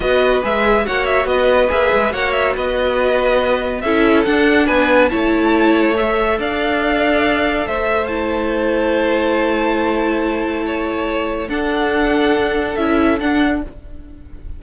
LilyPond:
<<
  \new Staff \with { instrumentName = "violin" } { \time 4/4 \tempo 4 = 141 dis''4 e''4 fis''8 e''8 dis''4 | e''4 fis''8 e''8 dis''2~ | dis''4 e''4 fis''4 gis''4 | a''2 e''4 f''4~ |
f''2 e''4 a''4~ | a''1~ | a''2. fis''4~ | fis''2 e''4 fis''4 | }
  \new Staff \with { instrumentName = "violin" } { \time 4/4 b'2 cis''4 b'4~ | b'4 cis''4 b'2~ | b'4 a'2 b'4 | cis''2. d''4~ |
d''2 c''2~ | c''1~ | c''4 cis''2 a'4~ | a'1 | }
  \new Staff \with { instrumentName = "viola" } { \time 4/4 fis'4 gis'4 fis'2 | gis'4 fis'2.~ | fis'4 e'4 d'2 | e'2 a'2~ |
a'2. e'4~ | e'1~ | e'2. d'4~ | d'2 e'4 d'4 | }
  \new Staff \with { instrumentName = "cello" } { \time 4/4 b4 gis4 ais4 b4 | ais8 gis8 ais4 b2~ | b4 cis'4 d'4 b4 | a2. d'4~ |
d'2 a2~ | a1~ | a2. d'4~ | d'2 cis'4 d'4 | }
>>